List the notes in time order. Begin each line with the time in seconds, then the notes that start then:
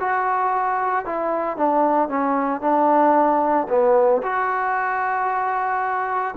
0.00 F#4
1.06 E4
1.57 D4
2.09 C#4
2.61 D4
3.69 B3
4.23 F#4